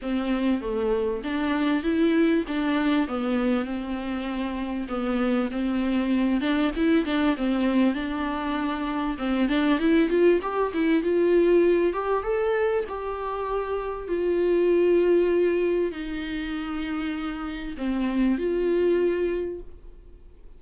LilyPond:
\new Staff \with { instrumentName = "viola" } { \time 4/4 \tempo 4 = 98 c'4 a4 d'4 e'4 | d'4 b4 c'2 | b4 c'4. d'8 e'8 d'8 | c'4 d'2 c'8 d'8 |
e'8 f'8 g'8 e'8 f'4. g'8 | a'4 g'2 f'4~ | f'2 dis'2~ | dis'4 c'4 f'2 | }